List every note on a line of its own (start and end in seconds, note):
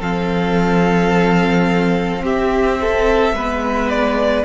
0.00 2.22 F3
0.00 3.34 C4
0.00 2.23 A4
0.00 2.24 F5
2.22 3.33 C4
2.22 2.79 G4
2.22 3.90 E5
2.81 3.35 A4
3.33 4.44 G#3
3.33 4.45 B3
3.33 4.45 B4
3.90 4.45 D5